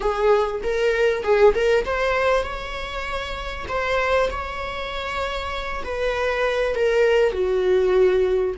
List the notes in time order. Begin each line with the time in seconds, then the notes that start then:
0.00 G#4
0.63 A#4
1.23 G#4
1.54 A#4
1.85 C5
2.43 C#5
3.68 C5
4.30 C#5
5.84 B4
6.75 A#4
7.32 F#4